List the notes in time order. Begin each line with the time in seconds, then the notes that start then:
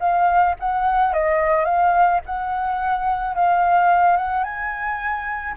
0.00 F5
0.60 F#5
1.13 D#5
1.65 F5
2.26 F#5
3.35 F5
4.17 F#5
4.44 G#5